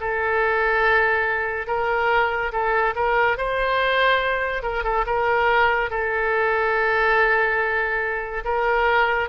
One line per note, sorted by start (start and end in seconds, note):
0.00 1.67 A4
1.67 2.52 A#4
2.52 2.94 A4
2.95 3.37 A#4
3.37 4.62 C5
4.62 4.84 A#4
4.84 5.05 A4
5.06 5.90 A#4
5.90 8.44 A4
8.44 9.29 A#4